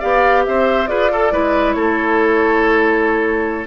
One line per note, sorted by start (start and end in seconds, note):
0.00 0.47 B3
0.00 0.88 G4
0.00 0.43 D5
0.00 0.44 F5
0.45 0.88 C4
0.45 0.90 C5
0.45 0.87 E5
0.87 1.31 F4
0.87 1.10 G#4
0.87 1.12 B4
0.87 1.72 D5
1.11 1.32 A4
1.11 1.33 A4
1.32 1.75 G#3
1.32 3.68 E4
1.32 1.76 B4
1.72 3.68 A3
1.72 3.68 A4
1.72 3.67 C#5